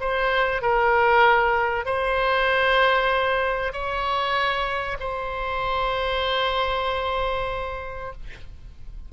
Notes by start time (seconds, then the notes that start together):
0.00 C5
0.62 A#4
1.86 C5
3.72 C#5
5.00 C5